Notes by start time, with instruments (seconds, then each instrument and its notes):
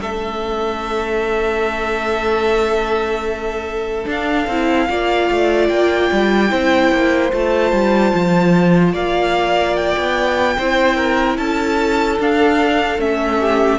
0.00 cello A3, viola C#4, violin A4 E5
4.05 viola D4, cello D4, violin F5
4.47 cello C4, viola E4
4.89 cello A#3, viola F4, violin D5
5.31 cello A3
5.68 cello A#3, violin G5
6.12 cello G3
6.49 cello C4, viola E4, violin C5
6.92 cello A#3
7.32 cello A3, viola F4, violin A5
7.72 cello G3
8.14 cello F3
8.92 cello A#3, violin D5 F5
9.76 violin G5
9.96 cello B3
10.58 cello C4, viola E4, violin C5
10.96 violin A#4
11.37 cello C#4, violin A4 A5
12.19 cello D4, viola D4, violin F5
12.98 cello A3, viola C#4, violin E5
13.39 violin G4